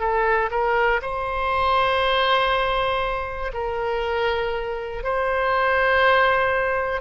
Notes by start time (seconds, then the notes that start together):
0.00 A4
0.51 A#4
1.01 C5
3.54 A#4
5.04 C5